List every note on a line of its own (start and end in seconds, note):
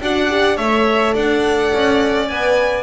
0.00 0.57 D4
0.00 0.30 F#4
0.00 0.56 D5
0.00 0.57 F#5
0.30 0.57 G4
0.56 1.14 A3
0.56 2.28 A4
0.56 1.13 C#5
0.56 1.14 E5
1.13 1.72 D4
1.13 2.83 D5
1.13 2.27 F#5
1.73 2.30 C#4
2.27 2.83 B3
2.27 2.83 B4
2.27 2.83 G#5